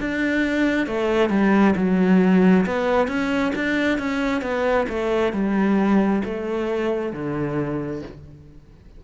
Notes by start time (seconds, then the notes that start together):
0.00 D4
0.87 A3
1.30 G3
1.76 F#3
2.66 B3
3.08 C#4
3.55 D4
3.99 C#4
4.42 B3
4.89 A3
5.33 G3
6.25 A3
7.13 D3